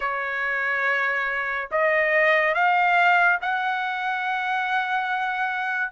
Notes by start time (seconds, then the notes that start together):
0.00 C#5
1.71 D#5
2.54 F5
3.41 F#5